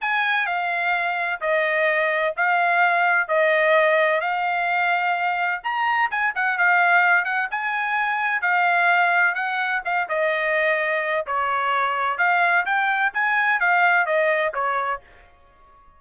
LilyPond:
\new Staff \with { instrumentName = "trumpet" } { \time 4/4 \tempo 4 = 128 gis''4 f''2 dis''4~ | dis''4 f''2 dis''4~ | dis''4 f''2. | ais''4 gis''8 fis''8 f''4. fis''8 |
gis''2 f''2 | fis''4 f''8 dis''2~ dis''8 | cis''2 f''4 g''4 | gis''4 f''4 dis''4 cis''4 | }